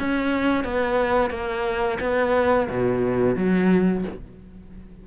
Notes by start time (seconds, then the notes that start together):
0.00 C#4
0.65 B3
1.31 A#3
2.00 B3
2.69 B2
3.36 F#3